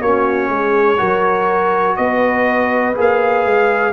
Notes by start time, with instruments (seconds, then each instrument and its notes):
0.00 tuba A#3, trombone C#4, horn F#4, trumpet C#5
0.49 tuba G#3, horn G#4
0.97 tuba F#3, trombone F#4, horn A#4
1.96 tuba B3, horn B4, trumpet D#5
2.94 tuba A#3, trombone G#4
3.00 trumpet F5
3.45 tuba G#3